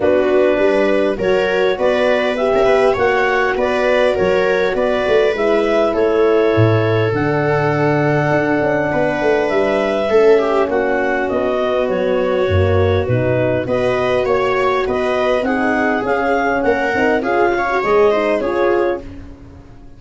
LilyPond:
<<
  \new Staff \with { instrumentName = "clarinet" } { \time 4/4 \tempo 4 = 101 b'2 cis''4 d''4 | e''4 fis''4 d''4 cis''4 | d''4 e''4 cis''2 | fis''1 |
e''2 fis''4 dis''4 | cis''2 b'4 dis''4 | cis''4 dis''4 fis''4 f''4 | fis''4 f''4 dis''4 cis''4 | }
  \new Staff \with { instrumentName = "viola" } { \time 4/4 fis'4 b'4 ais'4 b'4~ | b'16 ais'16 b'8 cis''4 b'4 ais'4 | b'2 a'2~ | a'2. b'4~ |
b'4 a'8 g'8 fis'2~ | fis'2. b'4 | cis''4 b'4 gis'2 | ais'4 gis'8 cis''4 c''8 gis'4 | }
  \new Staff \with { instrumentName = "horn" } { \time 4/4 d'2 fis'2 | g'4 fis'2.~ | fis'4 e'2. | d'1~ |
d'4 cis'2~ cis'8 b8~ | b4 ais4 dis'4 fis'4~ | fis'2 dis'4 cis'4~ | cis'8 dis'8 f'8. fis'16 gis'8 dis'8 f'4 | }
  \new Staff \with { instrumentName = "tuba" } { \time 4/4 b4 g4 fis4 b4~ | b16 cis'16 b8 ais4 b4 fis4 | b8 a8 gis4 a4 a,4 | d2 d'8 cis'8 b8 a8 |
g4 a4 ais4 b4 | fis4 fis,4 b,4 b4 | ais4 b4 c'4 cis'4 | ais8 c'8 cis'4 gis4 cis'4 | }
>>